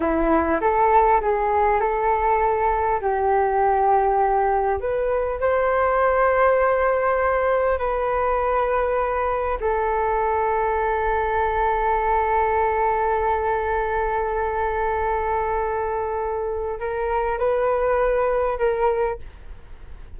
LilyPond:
\new Staff \with { instrumentName = "flute" } { \time 4/4 \tempo 4 = 100 e'4 a'4 gis'4 a'4~ | a'4 g'2. | b'4 c''2.~ | c''4 b'2. |
a'1~ | a'1~ | a'1 | ais'4 b'2 ais'4 | }